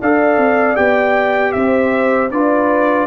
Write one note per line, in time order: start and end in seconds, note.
0.00 0.37 D4
0.00 0.76 A4
0.00 1.54 D5
0.00 0.76 F5
0.37 0.75 C4
0.76 1.54 B3
0.76 2.29 G4
0.76 1.52 G5
1.52 2.30 C4
1.52 2.32 C5
1.52 2.29 E5
2.30 3.07 D4
2.30 3.07 F4
2.30 3.07 B4
2.30 3.07 D5